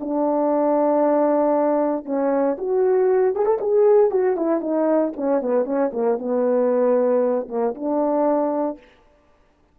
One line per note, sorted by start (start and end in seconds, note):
0.00 2.05 D4
2.05 2.57 C#4
2.58 3.35 F#4
3.35 3.46 G#4
3.46 3.59 A4
3.61 4.11 G#4
4.11 4.36 F#4
4.36 4.61 E4
4.61 5.13 D#4
5.17 5.41 C#4
5.41 5.65 B3
5.65 5.91 C#4
5.93 6.19 A#3
6.19 7.48 B3
7.49 7.74 A#3
7.75 8.78 D4